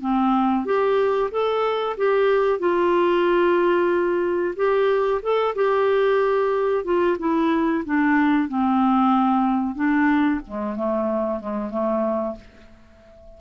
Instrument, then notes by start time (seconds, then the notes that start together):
clarinet
0.00 C4
0.65 G4
1.31 A4
1.97 G4
2.59 F4
4.56 G4
5.22 A4
5.55 G4
6.84 F4
7.19 E4
7.85 D4
8.48 C4
9.75 D4
10.47 G#3
10.76 A3
11.40 G#3
11.70 A3